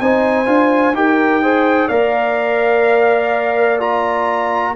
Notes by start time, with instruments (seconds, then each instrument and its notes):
0.00 tuba C4, trombone D#4, horn C5, trumpet G#5
0.46 tuba D4, trombone F4
0.93 tuba D#4, trombone G4, horn A#4, trumpet G5
1.42 trombone G#4, horn C5
1.88 tuba A#3, trombone A#4, horn D5, trumpet F5
3.80 trombone F4, trumpet A#5